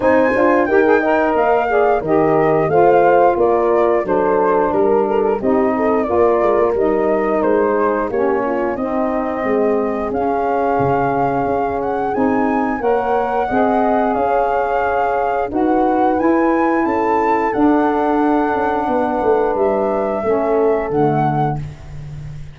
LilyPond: <<
  \new Staff \with { instrumentName = "flute" } { \time 4/4 \tempo 4 = 89 gis''4 g''4 f''4 dis''4 | f''4 d''4 c''4 ais'4 | dis''4 d''4 dis''4 c''4 | cis''4 dis''2 f''4~ |
f''4. fis''8 gis''4 fis''4~ | fis''4 f''2 fis''4 | gis''4 a''4 fis''2~ | fis''4 e''2 fis''4 | }
  \new Staff \with { instrumentName = "horn" } { \time 4/4 c''4 ais'8 dis''4 d''8 ais'4 | c''4 ais'4 a'4 ais'8 a'8 | g'8 a'8 ais'2~ ais'8 gis'8 | g'8 f'8 dis'4 gis'2~ |
gis'2. cis''4 | dis''4 cis''2 b'4~ | b'4 a'2. | b'2 a'2 | }
  \new Staff \with { instrumentName = "saxophone" } { \time 4/4 dis'8 f'8 g'16 gis'16 ais'4 gis'8 g'4 | f'2 d'2 | dis'4 f'4 dis'2 | cis'4 c'2 cis'4~ |
cis'2 dis'4 ais'4 | gis'2. fis'4 | e'2 d'2~ | d'2 cis'4 a4 | }
  \new Staff \with { instrumentName = "tuba" } { \time 4/4 c'8 d'8 dis'4 ais4 dis4 | a4 ais4 fis4 g4 | c'4 ais8 gis16 ais16 g4 gis4 | ais4 c'4 gis4 cis'4 |
cis4 cis'4 c'4 ais4 | c'4 cis'2 dis'4 | e'4 cis'4 d'4. cis'8 | b8 a8 g4 a4 d4 | }
>>